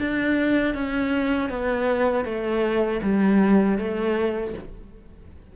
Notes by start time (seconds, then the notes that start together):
0.00 D4
0.75 C#4
1.50 B3
2.25 A3
3.02 G3
3.78 A3